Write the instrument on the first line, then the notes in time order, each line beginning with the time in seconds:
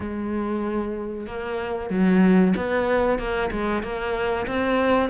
cello
0.00 G#3
1.26 A#3
1.90 F#3
2.56 B3
3.18 A#3
3.51 G#3
3.82 A#3
4.47 C4